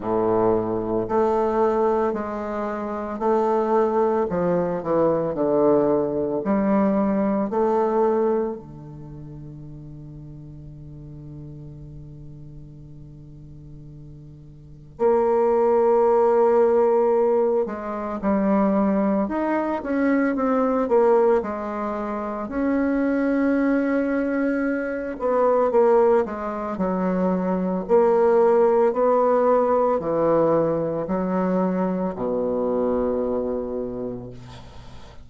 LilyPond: \new Staff \with { instrumentName = "bassoon" } { \time 4/4 \tempo 4 = 56 a,4 a4 gis4 a4 | f8 e8 d4 g4 a4 | d1~ | d2 ais2~ |
ais8 gis8 g4 dis'8 cis'8 c'8 ais8 | gis4 cis'2~ cis'8 b8 | ais8 gis8 fis4 ais4 b4 | e4 fis4 b,2 | }